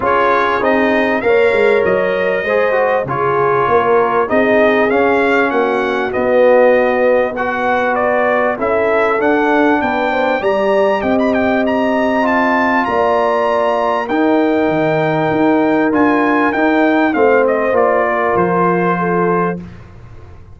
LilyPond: <<
  \new Staff \with { instrumentName = "trumpet" } { \time 4/4 \tempo 4 = 98 cis''4 dis''4 f''4 dis''4~ | dis''4 cis''2 dis''4 | f''4 fis''4 dis''2 | fis''4 d''4 e''4 fis''4 |
g''4 ais''4 g''16 b''16 g''8 ais''4 | a''4 ais''2 g''4~ | g''2 gis''4 g''4 | f''8 dis''8 d''4 c''2 | }
  \new Staff \with { instrumentName = "horn" } { \time 4/4 gis'2 cis''2 | c''4 gis'4 ais'4 gis'4~ | gis'4 fis'2. | b'2 a'2 |
b'8 c''8 d''4 dis''2~ | dis''4 d''2 ais'4~ | ais'1 | c''4. ais'4. a'4 | }
  \new Staff \with { instrumentName = "trombone" } { \time 4/4 f'4 dis'4 ais'2 | gis'8 fis'8 f'2 dis'4 | cis'2 b2 | fis'2 e'4 d'4~ |
d'4 g'2. | f'2. dis'4~ | dis'2 f'4 dis'4 | c'4 f'2. | }
  \new Staff \with { instrumentName = "tuba" } { \time 4/4 cis'4 c'4 ais8 gis8 fis4 | gis4 cis4 ais4 c'4 | cis'4 ais4 b2~ | b2 cis'4 d'4 |
b4 g4 c'2~ | c'4 ais2 dis'4 | dis4 dis'4 d'4 dis'4 | a4 ais4 f2 | }
>>